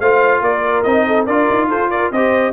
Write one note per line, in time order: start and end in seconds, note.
0.00 0.41 A3
0.00 0.85 F4
0.00 0.43 C5
0.00 0.42 F5
0.41 0.83 A#3
0.41 1.07 A#4
0.41 0.83 D5
0.83 1.27 C4
0.83 1.27 D#4
0.83 1.25 D#5
1.07 1.26 A4
1.26 1.48 D4
1.26 2.13 F4
1.26 1.68 A#4
1.26 1.68 D5
1.49 1.69 D#4
1.68 2.11 F4
1.68 1.89 A4
1.68 1.90 C5
1.90 2.11 A#4
1.90 2.11 D5
2.11 2.53 C4
2.11 2.53 G4
2.11 2.53 C5
2.11 2.53 D#5